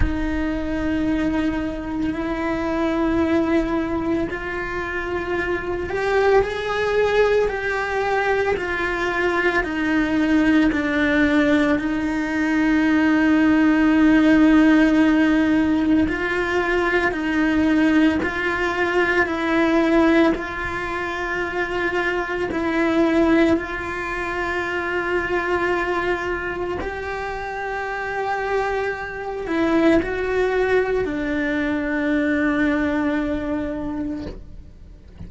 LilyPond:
\new Staff \with { instrumentName = "cello" } { \time 4/4 \tempo 4 = 56 dis'2 e'2 | f'4. g'8 gis'4 g'4 | f'4 dis'4 d'4 dis'4~ | dis'2. f'4 |
dis'4 f'4 e'4 f'4~ | f'4 e'4 f'2~ | f'4 g'2~ g'8 e'8 | fis'4 d'2. | }